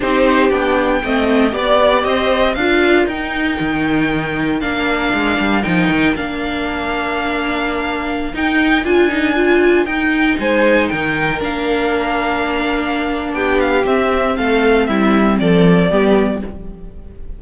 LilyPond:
<<
  \new Staff \with { instrumentName = "violin" } { \time 4/4 \tempo 4 = 117 c''4 g''2 d''4 | dis''4 f''4 g''2~ | g''4 f''2 g''4 | f''1~ |
f''16 g''4 gis''2 g''8.~ | g''16 gis''4 g''4 f''4.~ f''16~ | f''2 g''8 f''8 e''4 | f''4 e''4 d''2 | }
  \new Staff \with { instrumentName = "violin" } { \time 4/4 g'2 dis''4 d''4 | c''4 ais'2.~ | ais'1~ | ais'1~ |
ais'1~ | ais'16 c''4 ais'2~ ais'8.~ | ais'2 g'2 | a'4 e'4 a'4 g'4 | }
  \new Staff \with { instrumentName = "viola" } { \time 4/4 dis'4 d'4 c'4 g'4~ | g'4 f'4 dis'2~ | dis'4 d'2 dis'4 | d'1~ |
d'16 dis'4 f'8 dis'8 f'4 dis'8.~ | dis'2~ dis'16 d'4.~ d'16~ | d'2. c'4~ | c'2. b4 | }
  \new Staff \with { instrumentName = "cello" } { \time 4/4 c'4 b4 a4 b4 | c'4 d'4 dis'4 dis4~ | dis4 ais4 gis8 g8 f8 dis8 | ais1~ |
ais16 dis'4 d'2 dis'8.~ | dis'16 gis4 dis4 ais4.~ ais16~ | ais2 b4 c'4 | a4 g4 f4 g4 | }
>>